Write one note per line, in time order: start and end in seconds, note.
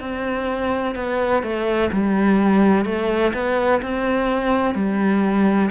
0.00 0.95 C4
0.95 1.42 B3
1.42 1.90 A3
1.91 2.85 G3
2.85 3.32 A3
3.33 3.81 B3
3.81 4.74 C4
4.74 5.70 G3